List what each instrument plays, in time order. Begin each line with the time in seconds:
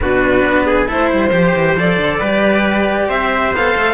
0.01 cello B2 D4, trumpet F#4, violin B4
0.44 cello B3
0.66 trumpet G#4
0.86 cello A3 E4, trumpet A4, violin C5
1.09 cello G3, trumpet C5
1.31 cello F3 G4
1.55 cello E3
1.76 cello F3 A4, violin D5
1.97 cello D3
2.19 cello G3 G4, trumpet B4
3.08 cello C4, trumpet C5, violin E5
3.52 cello B3 A4, violin F5
3.75 cello A3